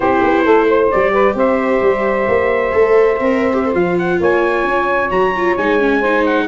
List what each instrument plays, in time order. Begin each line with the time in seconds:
0.00 tuba C4, viola E4, saxophone G4, trumpet C5
0.23 tuba B3
0.43 tuba A3, saxophone A4
0.68 saxophone C5
0.91 tuba G3, viola G4, trumpet D5
1.12 saxophone B4
1.34 tuba C4, saxophone C5, trumpet E5
1.82 tuba G3
2.28 tuba A#3
2.71 tuba A3, viola A4
3.19 tuba C4, viola A#4
3.53 viola G4
3.65 viola A4
3.72 tuba F3, viola F4, trumpet F5
3.98 trumpet F#5
4.19 tuba A#3, saxophone C#5, trumpet G#5
4.63 tuba C#4
5.10 tuba F#3, viola F#4, trumpet A#5
5.36 viola F4
5.57 tuba G#3, viola D#4, trumpet G#5
5.79 viola C#4
6.00 viola D#4, saxophone C5
6.25 trumpet F#5